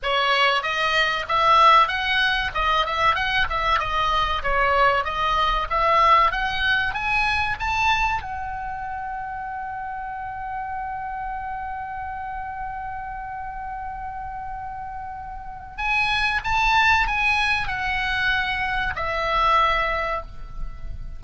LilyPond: \new Staff \with { instrumentName = "oboe" } { \time 4/4 \tempo 4 = 95 cis''4 dis''4 e''4 fis''4 | dis''8 e''8 fis''8 e''8 dis''4 cis''4 | dis''4 e''4 fis''4 gis''4 | a''4 fis''2.~ |
fis''1~ | fis''1~ | fis''4 gis''4 a''4 gis''4 | fis''2 e''2 | }